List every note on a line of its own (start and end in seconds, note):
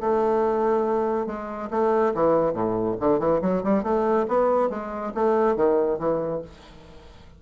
0.00 1.26 A3
1.26 1.69 G#3
1.70 2.13 A3
2.14 2.53 E3
2.53 2.96 A2
3.00 3.19 D3
3.19 3.40 E3
3.41 3.63 F#3
3.63 3.83 G3
3.83 4.26 A3
4.28 4.69 B3
4.69 5.12 G#3
5.14 5.56 A3
5.56 5.98 D#3
5.98 6.41 E3